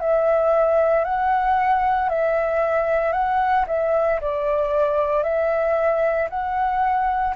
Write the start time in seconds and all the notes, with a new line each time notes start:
0.00 E5
1.04 F#5
2.10 E5
3.12 F#5
3.67 E5
4.21 D5
5.23 E5
6.30 F#5